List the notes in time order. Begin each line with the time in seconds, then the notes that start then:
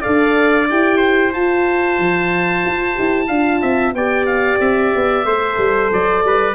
0.00 D4 A4 D5 F5
0.69 E4 G4 G5
0.97 C5
1.32 F4 A5
1.99 F3
2.65 F4
2.94 E4 G4
3.27 D4 F4 F5
3.61 C4 E5
3.93 B3 G4 D5 G5
4.26 F5
4.60 C4 E5
4.95 B3
5.24 A3 A4 C5
5.57 G3
5.91 F#3 D5
6.23 G3 B4